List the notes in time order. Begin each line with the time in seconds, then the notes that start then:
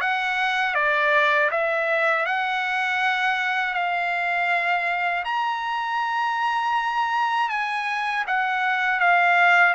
0.00 F#5
0.74 D5
1.51 E5
2.25 F#5
3.73 F5
5.24 A#5
7.49 G#5
8.27 F#5
9.00 F5